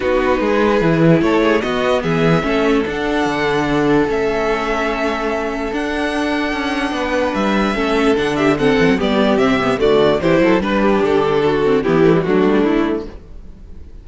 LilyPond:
<<
  \new Staff \with { instrumentName = "violin" } { \time 4/4 \tempo 4 = 147 b'2. cis''4 | dis''4 e''2 fis''4~ | fis''2 e''2~ | e''2 fis''2~ |
fis''2 e''2 | fis''8 e''8 fis''4 d''4 e''4 | d''4 c''4 b'4 a'4~ | a'4 g'4 fis'4 e'4 | }
  \new Staff \with { instrumentName = "violin" } { \time 4/4 fis'4 gis'2 a'8 gis'8 | fis'4 gis'4 a'2~ | a'1~ | a'1~ |
a'4 b'2 a'4~ | a'8 g'8 a'4 g'2 | fis'4 g'8 a'8 b'8 g'4. | fis'4 e'4 d'2 | }
  \new Staff \with { instrumentName = "viola" } { \time 4/4 dis'2 e'2 | b2 cis'4 d'4~ | d'2 cis'2~ | cis'2 d'2~ |
d'2. cis'4 | d'4 c'4 b4 c'8 b8 | a4 e'4 d'2~ | d'8 c'8 b8 a16 g16 a2 | }
  \new Staff \with { instrumentName = "cello" } { \time 4/4 b4 gis4 e4 a4 | b4 e4 a4 d'4 | d2 a2~ | a2 d'2 |
cis'4 b4 g4 a4 | d4. e16 fis16 g4 c4 | d4 e8 fis8 g4 d4~ | d4 e4 fis8 g8 a4 | }
>>